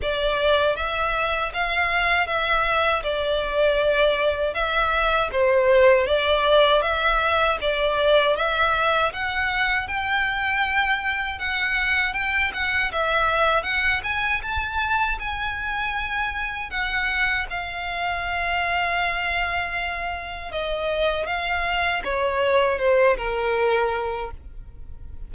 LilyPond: \new Staff \with { instrumentName = "violin" } { \time 4/4 \tempo 4 = 79 d''4 e''4 f''4 e''4 | d''2 e''4 c''4 | d''4 e''4 d''4 e''4 | fis''4 g''2 fis''4 |
g''8 fis''8 e''4 fis''8 gis''8 a''4 | gis''2 fis''4 f''4~ | f''2. dis''4 | f''4 cis''4 c''8 ais'4. | }